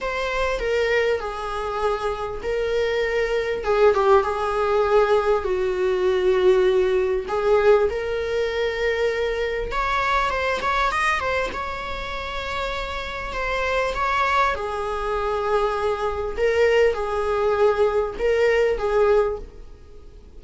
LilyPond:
\new Staff \with { instrumentName = "viola" } { \time 4/4 \tempo 4 = 99 c''4 ais'4 gis'2 | ais'2 gis'8 g'8 gis'4~ | gis'4 fis'2. | gis'4 ais'2. |
cis''4 c''8 cis''8 dis''8 c''8 cis''4~ | cis''2 c''4 cis''4 | gis'2. ais'4 | gis'2 ais'4 gis'4 | }